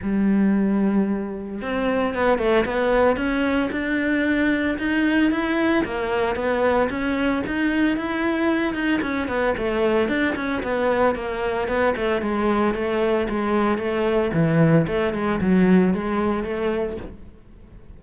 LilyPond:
\new Staff \with { instrumentName = "cello" } { \time 4/4 \tempo 4 = 113 g2. c'4 | b8 a8 b4 cis'4 d'4~ | d'4 dis'4 e'4 ais4 | b4 cis'4 dis'4 e'4~ |
e'8 dis'8 cis'8 b8 a4 d'8 cis'8 | b4 ais4 b8 a8 gis4 | a4 gis4 a4 e4 | a8 gis8 fis4 gis4 a4 | }